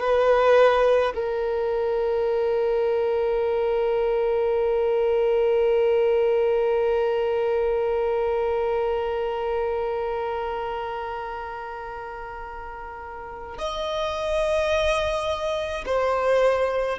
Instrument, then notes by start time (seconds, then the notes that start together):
violin
0.00 B4
1.15 A#4
13.58 D#5
15.86 C5